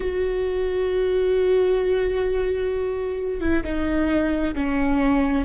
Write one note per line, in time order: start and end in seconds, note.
0.00 3.40 F#4
3.40 3.63 E4
3.63 4.54 D#4
4.55 5.44 C#4